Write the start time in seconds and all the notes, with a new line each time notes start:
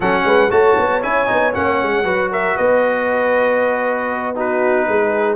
0.00 F#3 C#4 A4 F#5
0.24 G#3 B4
0.50 A3 F#4 C#5 A5
0.77 B3
1.02 C#4 E4 G#5
1.26 B3 D#4
1.52 A#3 C#4 F#5
1.82 G#3
2.04 F#3 F#4 B4
2.31 A#4 E5
2.56 B3 B4 D#5
4.35 D#4 F#4 B4
4.88 G#3 G#4